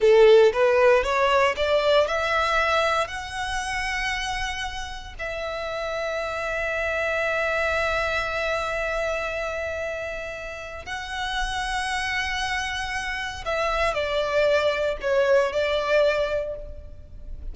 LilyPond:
\new Staff \with { instrumentName = "violin" } { \time 4/4 \tempo 4 = 116 a'4 b'4 cis''4 d''4 | e''2 fis''2~ | fis''2 e''2~ | e''1~ |
e''1~ | e''4 fis''2.~ | fis''2 e''4 d''4~ | d''4 cis''4 d''2 | }